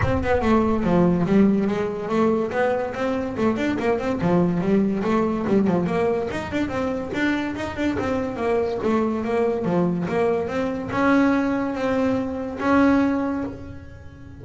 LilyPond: \new Staff \with { instrumentName = "double bass" } { \time 4/4 \tempo 4 = 143 c'8 b8 a4 f4 g4 | gis4 a4 b4 c'4 | a8 d'8 ais8 c'8 f4 g4 | a4 g8 f8 ais4 dis'8 d'8 |
c'4 d'4 dis'8 d'8 c'4 | ais4 a4 ais4 f4 | ais4 c'4 cis'2 | c'2 cis'2 | }